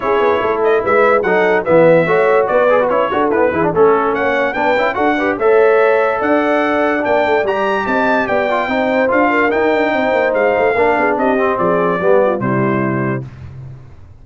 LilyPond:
<<
  \new Staff \with { instrumentName = "trumpet" } { \time 4/4 \tempo 4 = 145 cis''4. dis''8 e''4 fis''4 | e''2 d''4 cis''4 | b'4 a'4 fis''4 g''4 | fis''4 e''2 fis''4~ |
fis''4 g''4 ais''4 a''4 | g''2 f''4 g''4~ | g''4 f''2 dis''4 | d''2 c''2 | }
  \new Staff \with { instrumentName = "horn" } { \time 4/4 gis'4 a'4 b'4 a'4 | b'4 cis''4 b'4. a'8~ | a'8 gis'8 a'4 cis''4 b'4 | a'8 b'8 cis''2 d''4~ |
d''2. dis''4 | d''4 c''4. ais'4. | c''2 ais'8 gis'8 g'4 | gis'4 g'8 f'8 e'2 | }
  \new Staff \with { instrumentName = "trombone" } { \time 4/4 e'2. dis'4 | b4 fis'4. gis'16 fis'16 e'8 fis'8 | b8 e'16 d'16 cis'2 d'8 e'8 | fis'8 g'8 a'2.~ |
a'4 d'4 g'2~ | g'8 f'8 dis'4 f'4 dis'4~ | dis'2 d'4. c'8~ | c'4 b4 g2 | }
  \new Staff \with { instrumentName = "tuba" } { \time 4/4 cis'8 b8 a4 gis4 fis4 | e4 a4 b4 cis'8 d'8 | e'8 e8 a4 ais4 b8 cis'8 | d'4 a2 d'4~ |
d'4 ais8 a8 g4 c'4 | b4 c'4 d'4 dis'8 d'8 | c'8 ais8 gis8 a8 ais8 b8 c'4 | f4 g4 c2 | }
>>